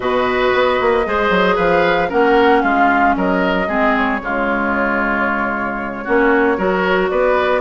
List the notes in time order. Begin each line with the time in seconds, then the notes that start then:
0.00 B2 F#4 B4 D#5
0.53 B3
0.81 A#3
1.05 G#3 G#4 C5
1.30 F#3
1.55 F3 B4 F5
2.09 A#3 C#4 A#4 F#5
2.62 G#3 F4 F5
3.16 F#3 A#4 D#5
3.67 G#3 C4 G#4
3.97 C#5
4.20 C#3 G#3 F4
6.04 A#3 C#4 F#4
6.57 F#3 F#4 A#4
7.09 B3 B4 D5